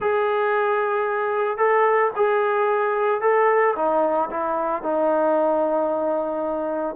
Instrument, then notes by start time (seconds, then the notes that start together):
trombone
0.00 G#4
1.57 A4
2.16 G#4
3.21 A4
3.76 D#4
4.30 E4
4.82 D#4